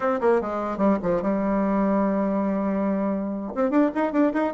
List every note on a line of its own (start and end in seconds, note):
0.00 0.20 C4
0.21 0.41 A#3
0.41 0.77 G#3
0.77 0.97 G3
1.02 1.22 F3
1.22 3.53 G3
3.54 3.70 C4
3.70 3.90 D4
3.94 4.12 D#4
4.12 4.32 D4
4.33 4.53 D#4